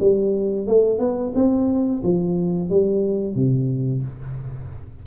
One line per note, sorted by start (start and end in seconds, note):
0.00 0.66 G3
0.66 0.99 A3
0.99 1.32 B3
1.35 2.02 C4
2.03 2.70 F3
2.70 3.35 G3
3.35 4.02 C3